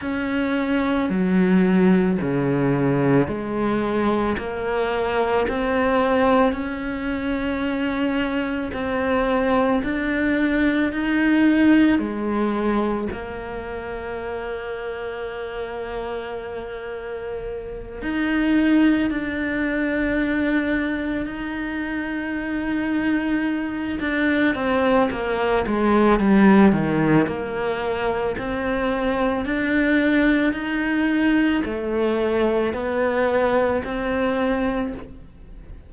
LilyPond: \new Staff \with { instrumentName = "cello" } { \time 4/4 \tempo 4 = 55 cis'4 fis4 cis4 gis4 | ais4 c'4 cis'2 | c'4 d'4 dis'4 gis4 | ais1~ |
ais8 dis'4 d'2 dis'8~ | dis'2 d'8 c'8 ais8 gis8 | g8 dis8 ais4 c'4 d'4 | dis'4 a4 b4 c'4 | }